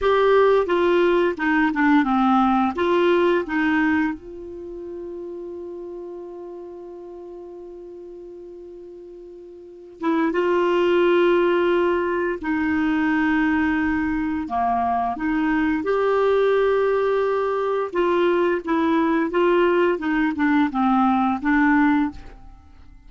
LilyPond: \new Staff \with { instrumentName = "clarinet" } { \time 4/4 \tempo 4 = 87 g'4 f'4 dis'8 d'8 c'4 | f'4 dis'4 f'2~ | f'1~ | f'2~ f'8 e'8 f'4~ |
f'2 dis'2~ | dis'4 ais4 dis'4 g'4~ | g'2 f'4 e'4 | f'4 dis'8 d'8 c'4 d'4 | }